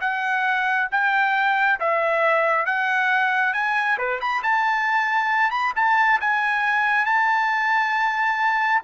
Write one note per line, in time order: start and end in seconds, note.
0.00 0.88 F#5
0.91 1.79 G5
1.80 2.66 E5
2.66 3.53 F#5
3.53 3.97 G#5
3.98 4.20 B4
4.20 4.42 B5
4.43 5.50 A5
5.50 5.72 B5
5.75 6.19 A5
6.20 7.05 G#5
7.05 8.81 A5